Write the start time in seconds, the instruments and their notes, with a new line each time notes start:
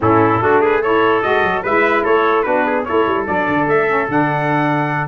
0.00 tuba A2, saxophone C#4, trumpet E4 A4
0.39 tuba A3, saxophone D4, trumpet F#4
0.61 trumpet G#4 B4
0.81 saxophone E4, trumpet A4 C#5
1.22 tuba G#3, saxophone F#4, trumpet D#5
1.42 tuba F#3
1.63 tuba G#3, saxophone E4, trumpet B4 E5
2.03 tuba A3, trumpet A4 C#5
2.42 tuba B3, saxophone D4, trumpet F#4 B4
2.66 trumpet G#4
2.84 tuba A3, saxophone E4, trumpet A4 C#5
3.06 tuba G3
3.25 tuba F#3, saxophone D4, trumpet D5
3.48 tuba D3
3.66 tuba A3, trumpet E5
3.87 saxophone C#4
4.08 tuba D3, saxophone D4, trumpet F#5